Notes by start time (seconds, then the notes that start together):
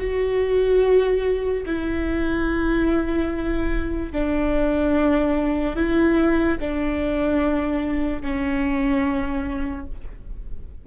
0.00 F#4
1.66 E4
4.12 D4
5.76 E4
6.60 D4
8.22 C#4